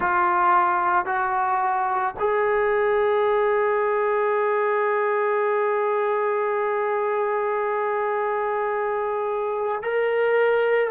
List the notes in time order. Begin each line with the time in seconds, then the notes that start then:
0.00 F4
1.05 F#4
2.19 G#4
9.82 A#4